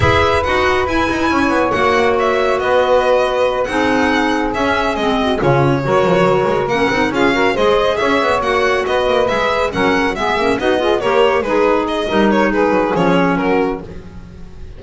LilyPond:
<<
  \new Staff \with { instrumentName = "violin" } { \time 4/4 \tempo 4 = 139 e''4 fis''4 gis''2 | fis''4 e''4 dis''2~ | dis''8 fis''2 e''4 dis''8~ | dis''8 cis''2. fis''8~ |
fis''8 f''4 dis''4 e''4 fis''8~ | fis''8 dis''4 e''4 fis''4 e''8~ | e''8 dis''4 cis''4 b'4 dis''8~ | dis''8 cis''8 b'4 cis''4 ais'4 | }
  \new Staff \with { instrumentName = "saxophone" } { \time 4/4 b'2. cis''4~ | cis''2 b'2~ | b'8 gis'2.~ gis'8 | fis'8 f'4 ais'2~ ais'8~ |
ais'8 gis'8 ais'8 c''4 cis''4.~ | cis''8 b'2 ais'4 gis'8~ | gis'8 fis'8 gis'8 ais'4 dis'4. | ais'4 gis'2 fis'4 | }
  \new Staff \with { instrumentName = "clarinet" } { \time 4/4 gis'4 fis'4 e'2 | fis'1~ | fis'8 dis'2 cis'4 c'8~ | c'8 cis'4 fis'2 cis'8 |
dis'8 f'8 fis'8 gis'2 fis'8~ | fis'4. gis'4 cis'4 b8 | cis'8 dis'8 f'8 g'4 gis'4. | dis'2 cis'2 | }
  \new Staff \with { instrumentName = "double bass" } { \time 4/4 e'4 dis'4 e'8 dis'8 cis'8 b8 | ais2 b2~ | b8 c'2 cis'4 gis8~ | gis8 cis4 fis8 f8 fis8 gis8 ais8 |
c'8 cis'4 gis4 cis'8 b8 ais8~ | ais8 b8 ais8 gis4 fis4 gis8 | ais8 b4 ais4 gis4. | g4 gis8 fis8 f4 fis4 | }
>>